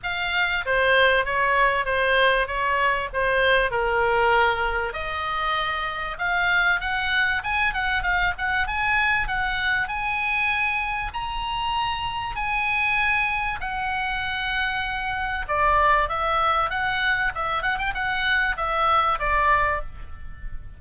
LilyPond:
\new Staff \with { instrumentName = "oboe" } { \time 4/4 \tempo 4 = 97 f''4 c''4 cis''4 c''4 | cis''4 c''4 ais'2 | dis''2 f''4 fis''4 | gis''8 fis''8 f''8 fis''8 gis''4 fis''4 |
gis''2 ais''2 | gis''2 fis''2~ | fis''4 d''4 e''4 fis''4 | e''8 fis''16 g''16 fis''4 e''4 d''4 | }